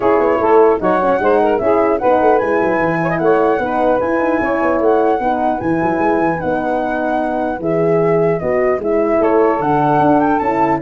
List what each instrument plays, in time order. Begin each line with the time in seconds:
0.00 tuba C#4, horn E4, saxophone G#4, flute C#5
0.19 tuba B3
0.40 tuba A3, saxophone A4
0.79 tuba F#3, horn D#4, saxophone C#5, flute F#5
1.01 horn C#4
1.19 tuba G#3, horn D#4, saxophone C5
1.41 saxophone A#4
1.57 tuba C#4, horn E4, saxophone G#4, flute E5
1.98 tuba B3, horn D#4, saxophone B4, flute F#5
2.21 tuba A3
2.38 tuba G#3, horn E4, flute G#5
2.61 tuba F#3
2.79 tuba E3
3.02 saxophone C#5
3.09 saxophone D#5
3.18 tuba A3, saxophone C#5, flute F#5
3.58 tuba B3, horn D#4, saxophone B4
3.99 horn E4, tuba E4, flute G#5
4.18 tuba D#4
4.40 tuba C#4, saxophone C#5
4.62 tuba B3
4.80 tuba A3, flute F#5
5.19 tuba B3, horn D#4, saxophone B4
5.60 tuba E3, horn E4, flute G#5
5.82 tuba F#3
5.98 tuba G#3
6.17 tuba E3
6.38 tuba B3, horn D#4, flute F#5
7.59 tuba E3, horn G#4, flute E5
8.39 tuba B3, horn F#4, flute D#5
8.78 tuba G#3, horn E4, flute E5
9.19 tuba A3, saxophone A4, flute C#5
9.59 tuba D3, horn D4, flute F#5
9.99 tuba D4
10.20 flute G5
10.39 tuba C#4, horn E4, flute A5